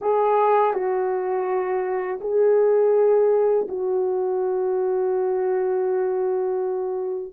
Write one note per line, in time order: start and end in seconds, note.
0.01 0.73 G#4
0.73 2.20 F#4
2.21 3.67 G#4
3.68 7.33 F#4